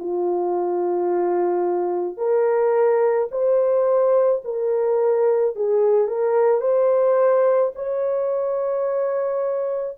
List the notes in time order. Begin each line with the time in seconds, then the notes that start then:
0.00 F4
2.18 A#4
3.31 C5
4.45 A#4
5.56 G#4
6.08 A#4
6.61 C5
7.75 C#5